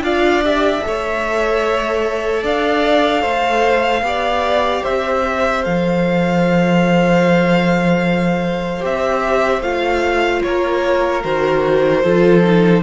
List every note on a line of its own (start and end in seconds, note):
0.00 0.80 D4
0.00 0.43 F4
0.00 0.84 D5
0.00 0.44 F5
0.43 0.82 G4
0.43 2.44 E5
0.82 2.43 A3
0.82 4.02 A4
0.82 2.43 C#5
2.43 3.23 D4
2.43 3.22 D5
2.43 4.84 F5
3.22 4.02 A3
3.22 4.02 C5
4.02 4.82 B3
4.02 5.63 G4
4.02 4.83 D5
4.83 5.65 C4
4.83 10.43 C5
4.83 5.64 E5
5.63 8.84 F3
5.63 8.80 A4
5.63 8.84 F5
8.80 9.61 C4
8.80 9.61 G4
8.80 9.62 E5
9.61 10.41 A3
9.61 11.23 F4
9.61 10.42 F5
10.43 11.24 A#3
10.43 12.03 A#4
10.43 11.23 C#5
11.23 12.04 D#3
11.23 12.03 F#4
11.23 12.82 C5
12.03 12.82 F3
12.03 12.43 F4
12.03 12.82 A4
12.43 12.82 D#4